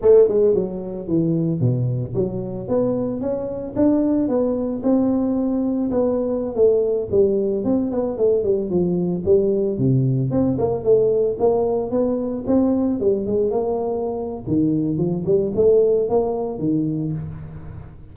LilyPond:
\new Staff \with { instrumentName = "tuba" } { \time 4/4 \tempo 4 = 112 a8 gis8 fis4 e4 b,4 | fis4 b4 cis'4 d'4 | b4 c'2 b4~ | b16 a4 g4 c'8 b8 a8 g16~ |
g16 f4 g4 c4 c'8 ais16~ | ais16 a4 ais4 b4 c'8.~ | c'16 g8 gis8 ais4.~ ais16 dis4 | f8 g8 a4 ais4 dis4 | }